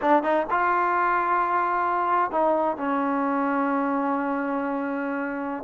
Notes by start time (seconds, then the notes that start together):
0.01 D4
0.23 D#4
0.50 F4
2.31 D#4
2.77 C#4